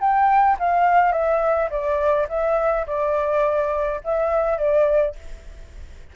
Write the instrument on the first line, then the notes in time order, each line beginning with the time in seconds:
flute
0.00 G5
0.59 F5
1.12 E5
1.70 D5
2.29 E5
2.86 D5
4.04 E5
4.58 D5